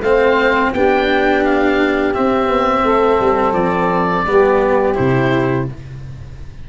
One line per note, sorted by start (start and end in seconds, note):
0.00 0.71 A3
0.00 0.75 C4
0.00 0.73 C5
0.00 0.72 F5
0.72 2.14 B3
0.72 2.14 D4
0.72 2.83 G4
0.72 1.44 G5
1.44 2.14 F5
2.14 4.26 C4
2.14 2.47 C4
2.14 3.53 E5
2.47 2.82 B3
2.83 3.19 A3
2.83 4.24 A4
3.20 3.52 G3
3.52 4.23 F3
3.52 4.94 D5
4.26 4.97 G3
4.26 4.94 B3
4.26 5.68 G4
4.94 5.69 C3
4.94 5.65 E4
4.94 5.65 C5